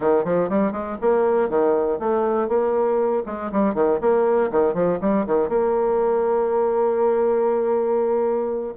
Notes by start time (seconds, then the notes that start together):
0.00 D#3
0.24 F3
0.49 G3
0.72 G#3
1.01 A#3
1.49 D#3
1.99 A3
2.48 A#3
3.26 G#3
3.52 G3
3.74 D#3
4.00 A#3
4.51 D#3
4.74 F3
5.00 G3
5.26 D#3
5.48 A#3